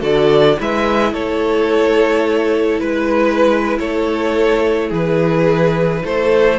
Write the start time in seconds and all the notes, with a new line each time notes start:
0.00 D3 F#4 A4 D5
0.57 G#3 E4 B4 E5
1.12 A3 A4 C#5
2.79 G#3 B4
3.78 A3 A4 C#5
4.88 E3 G#4 B4
6.04 A3 A4 C5